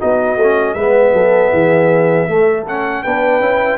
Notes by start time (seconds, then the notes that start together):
0.00 B3 D#4 F#4 D#5
0.37 A3
0.43 C#4
0.74 G#3 B3 B4 E5
1.14 F#3 A4
1.53 E3 G#4
2.28 A3 A4
2.68 C#4 F#5
3.03 B3 D4 B4 G5
3.40 C#4 E4